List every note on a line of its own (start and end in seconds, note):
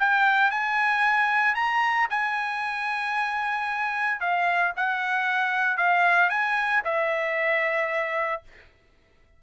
0.00 0.51 G5
0.51 1.56 G#5
1.56 2.08 A#5
2.11 4.21 G#5
4.21 4.73 F5
4.77 5.78 F#5
5.78 6.30 F5
6.30 6.83 G#5
6.85 8.43 E5